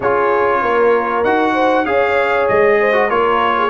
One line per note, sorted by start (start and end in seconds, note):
0.00 0.62 C#4
0.00 1.25 F4
0.00 0.60 G#4
0.00 1.24 C#5
0.62 1.23 A#3
0.62 1.53 A#4
1.24 1.86 D#4
1.24 1.86 F#4
1.24 1.85 F#5
1.53 1.84 C5
1.85 2.47 C#4
1.85 2.93 G#4
1.85 2.78 C#5
1.85 2.47 F5
2.48 3.10 G#3
2.48 3.10 D#5
2.79 3.09 C5
2.93 3.08 F#4
3.09 3.69 A#3
3.09 3.69 F4
3.09 3.55 A#4
3.09 3.69 C#5
3.58 3.69 G#4